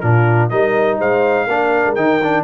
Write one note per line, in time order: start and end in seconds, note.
0.00 0.51 A#2
0.00 0.50 D4
0.00 0.50 F4
0.00 0.49 A#4
0.49 0.99 G3
0.49 1.48 D#4
0.49 0.97 A#4
0.49 0.98 D#5
0.97 1.47 G#3
0.97 1.46 C5
0.97 1.95 F5
1.47 1.83 A#3
1.47 1.96 D4
1.47 2.44 A#4
1.86 1.96 G#3
1.95 2.44 D#3
1.95 2.21 D#4
1.95 2.44 G5
2.23 2.44 D4